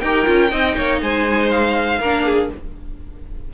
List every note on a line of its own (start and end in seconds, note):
0.00 0.27 D#4
0.00 0.26 G4
0.00 0.51 A#4
0.00 0.99 G5
0.26 0.52 C#4
0.26 0.50 F4
0.51 0.76 C4
0.51 1.99 D#4
0.51 0.76 D#5
0.76 1.01 A#3
0.76 1.01 C#5
1.01 2.00 G#3
1.01 1.99 C5
1.01 1.50 G#5
1.50 2.49 F5
1.99 2.49 A#3
1.99 2.54 D4
1.99 2.24 A#4
2.25 2.50 G#4